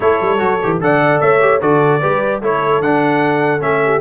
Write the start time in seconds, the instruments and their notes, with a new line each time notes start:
0.00 tuba A3, trombone E4, horn A4, trumpet C#5
0.20 tuba G3
0.38 tuba F#3, trombone F#4
0.62 tuba E3, trombone G4
0.80 tuba D3, trombone A4, horn D5, trumpet F#5
1.20 tuba A3, horn C#5, trumpet E5
1.40 trombone G4
1.60 tuba D3, trombone F#4, horn A4, trumpet D5
2.00 tuba G3, trombone G4, horn B4
2.41 tuba A3, trombone E4, horn A4, trumpet C#5
2.80 tuba D3, trombone D4, trumpet F#5
3.59 tuba A3, trombone C#4, trumpet E5
3.84 horn G4